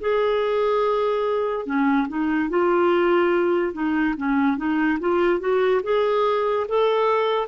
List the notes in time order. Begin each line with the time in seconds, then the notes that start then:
0.00 G#4
1.66 C#4
2.08 D#4
2.49 F4
3.73 D#4
4.17 C#4
4.57 D#4
5.00 F4
5.39 F#4
5.83 G#4
6.68 A4